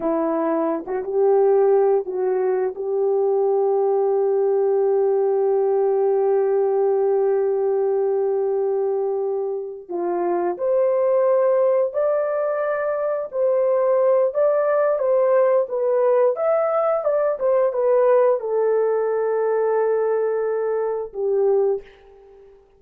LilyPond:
\new Staff \with { instrumentName = "horn" } { \time 4/4 \tempo 4 = 88 e'4~ e'16 fis'16 g'4. fis'4 | g'1~ | g'1~ | g'2~ g'8 f'4 c''8~ |
c''4. d''2 c''8~ | c''4 d''4 c''4 b'4 | e''4 d''8 c''8 b'4 a'4~ | a'2. g'4 | }